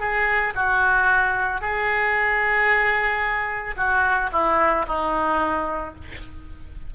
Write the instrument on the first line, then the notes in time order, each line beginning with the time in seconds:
oboe
0.00 G#4
0.55 F#4
1.61 G#4
3.77 F#4
4.32 E4
4.88 D#4